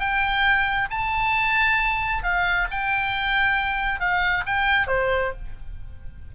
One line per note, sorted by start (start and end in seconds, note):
0.00 0.89 G5
0.91 2.23 A5
2.23 2.68 F5
2.71 4.00 G5
4.00 4.45 F5
4.46 4.88 G5
4.88 5.32 C5